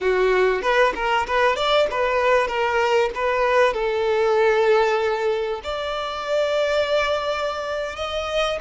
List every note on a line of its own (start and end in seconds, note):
0.00 0.62 F#4
0.62 0.93 B4
0.95 1.26 A#4
1.26 1.55 B4
1.55 1.87 D5
1.90 2.47 B4
2.47 3.10 A#4
3.14 3.73 B4
3.73 5.61 A4
5.63 7.96 D5
7.96 8.58 D#5